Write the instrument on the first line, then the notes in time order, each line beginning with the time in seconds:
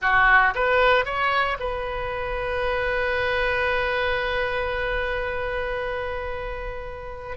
oboe
0.01 F#4
0.54 B4
1.05 C#5
1.59 B4